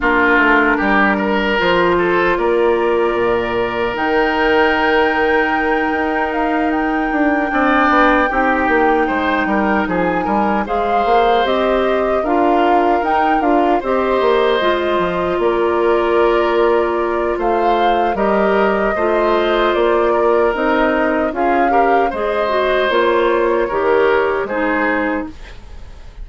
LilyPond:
<<
  \new Staff \with { instrumentName = "flute" } { \time 4/4 \tempo 4 = 76 ais'2 c''4 d''4~ | d''4 g''2. | f''8 g''2.~ g''8~ | g''8 gis''4 f''4 dis''4 f''8~ |
f''8 g''8 f''8 dis''2 d''8~ | d''2 f''4 dis''4~ | dis''4 d''4 dis''4 f''4 | dis''4 cis''2 c''4 | }
  \new Staff \with { instrumentName = "oboe" } { \time 4/4 f'4 g'8 ais'4 a'8 ais'4~ | ais'1~ | ais'4. d''4 g'4 c''8 | ais'8 gis'8 ais'8 c''2 ais'8~ |
ais'4. c''2 ais'8~ | ais'2 c''4 ais'4 | c''4. ais'4. gis'8 ais'8 | c''2 ais'4 gis'4 | }
  \new Staff \with { instrumentName = "clarinet" } { \time 4/4 d'2 f'2~ | f'4 dis'2.~ | dis'4. d'4 dis'4.~ | dis'4. gis'4 g'4 f'8~ |
f'8 dis'8 f'8 g'4 f'4.~ | f'2. g'4 | f'2 dis'4 f'8 g'8 | gis'8 fis'8 f'4 g'4 dis'4 | }
  \new Staff \with { instrumentName = "bassoon" } { \time 4/4 ais8 a8 g4 f4 ais4 | ais,4 dis2~ dis8 dis'8~ | dis'4 d'8 c'8 b8 c'8 ais8 gis8 | g8 f8 g8 gis8 ais8 c'4 d'8~ |
d'8 dis'8 d'8 c'8 ais8 gis8 f8 ais8~ | ais2 a4 g4 | a4 ais4 c'4 cis'4 | gis4 ais4 dis4 gis4 | }
>>